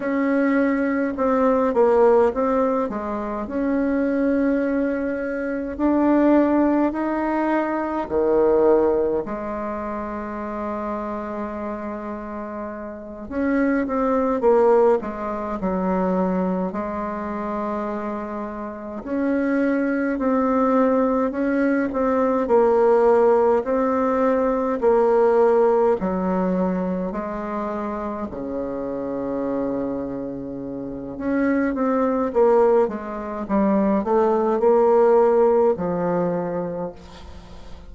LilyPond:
\new Staff \with { instrumentName = "bassoon" } { \time 4/4 \tempo 4 = 52 cis'4 c'8 ais8 c'8 gis8 cis'4~ | cis'4 d'4 dis'4 dis4 | gis2.~ gis8 cis'8 | c'8 ais8 gis8 fis4 gis4.~ |
gis8 cis'4 c'4 cis'8 c'8 ais8~ | ais8 c'4 ais4 fis4 gis8~ | gis8 cis2~ cis8 cis'8 c'8 | ais8 gis8 g8 a8 ais4 f4 | }